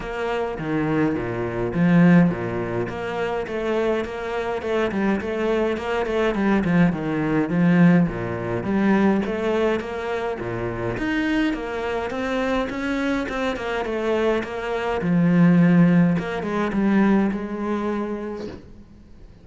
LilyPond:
\new Staff \with { instrumentName = "cello" } { \time 4/4 \tempo 4 = 104 ais4 dis4 ais,4 f4 | ais,4 ais4 a4 ais4 | a8 g8 a4 ais8 a8 g8 f8 | dis4 f4 ais,4 g4 |
a4 ais4 ais,4 dis'4 | ais4 c'4 cis'4 c'8 ais8 | a4 ais4 f2 | ais8 gis8 g4 gis2 | }